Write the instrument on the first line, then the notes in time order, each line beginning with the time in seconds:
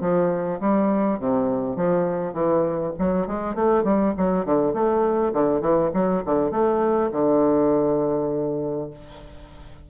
bassoon
0.00 F3
0.60 G3
1.19 C3
1.76 F3
2.33 E3
2.98 F#3
3.27 G#3
3.55 A3
3.83 G3
4.17 F#3
4.45 D3
4.73 A3
5.33 D3
5.61 E3
5.93 F#3
6.25 D3
6.51 A3
7.12 D3